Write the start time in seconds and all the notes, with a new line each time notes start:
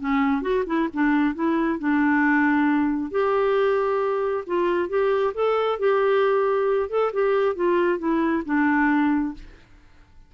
0.00 C#4
0.42 F#4
0.66 E4
0.93 D4
1.35 E4
1.79 D4
3.11 G4
4.47 F4
4.89 G4
5.35 A4
5.79 G4
6.89 A4
7.13 G4
7.56 F4
7.99 E4
8.45 D4